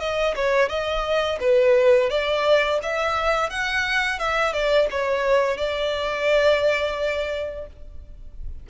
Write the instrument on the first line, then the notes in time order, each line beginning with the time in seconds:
violin
0.00 D#5
0.36 C#5
0.69 D#5
1.40 B4
2.10 D5
2.83 E5
3.50 F#5
4.19 E5
4.53 D5
4.91 C#5
5.58 D5